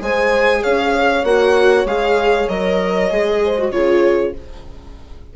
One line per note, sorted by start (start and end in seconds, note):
0.00 0.63 G#3
0.00 1.24 G#4
0.00 0.63 C5
0.00 0.64 G#5
0.63 1.24 C#4
0.63 3.41 C#5
0.63 1.25 F5
1.24 1.85 A#3
1.24 1.87 F#4
1.24 1.87 F#5
1.85 2.47 G#3
1.85 2.49 G#4
1.85 2.49 F5
2.49 3.11 F#3
2.49 3.11 A#4
2.49 3.72 D#5
3.11 3.71 G#3
3.11 3.57 G#4
3.45 3.75 C5
3.58 3.72 F#4
3.71 4.33 C#3
3.71 4.34 F4
3.71 4.36 G#4
3.71 4.34 C#5